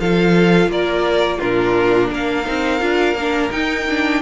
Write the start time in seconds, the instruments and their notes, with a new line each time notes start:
0.00 cello F3, viola F4, violin A4 F5
0.68 cello A#3, violin A#4 D5
1.38 cello A#2, viola D4, violin F4 A#4
2.09 cello A#3, violin A#4 F5
2.45 cello C4, viola D#4
2.80 cello D4, viola F4
3.15 cello A#3, viola D4
3.51 viola D#4, cello D#4, violin G5
3.90 viola D4